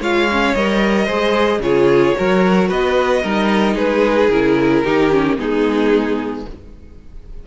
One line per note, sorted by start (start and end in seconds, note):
0.00 0.54 G#3
0.00 0.29 F4
0.00 1.05 C#5
0.00 0.54 F5
0.31 0.56 C#4
0.54 1.08 G3
0.54 1.08 A#4
0.54 1.62 D#5
1.05 1.59 G#3
1.05 1.61 G#4
1.05 1.59 C5
1.59 2.12 C#3
1.59 2.15 F4
1.59 2.16 G#4
1.59 2.70 C#5
2.15 2.70 F#3
2.15 3.22 F#4
2.15 2.68 A#4
2.68 3.24 B3
2.68 3.22 B4
2.68 3.77 D#5
3.22 3.75 G3
3.22 4.31 D#4
3.22 3.74 A#4
3.74 4.29 G#3
3.74 4.81 G#4
3.74 4.30 B4
4.30 4.84 C#3
4.30 4.85 E4
4.30 5.37 A#4
4.83 5.39 D#3
4.83 5.11 D#4
4.83 5.37 G4
5.11 5.37 C#4
5.37 6.46 G#3
5.37 6.44 B3
5.37 6.47 D#4
5.37 6.46 G#4